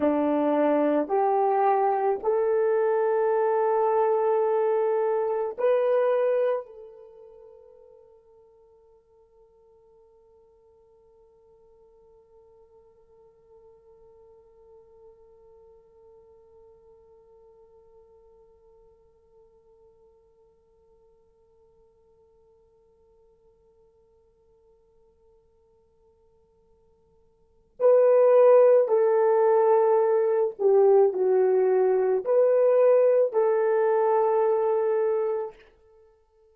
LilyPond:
\new Staff \with { instrumentName = "horn" } { \time 4/4 \tempo 4 = 54 d'4 g'4 a'2~ | a'4 b'4 a'2~ | a'1~ | a'1~ |
a'1~ | a'1~ | a'4 b'4 a'4. g'8 | fis'4 b'4 a'2 | }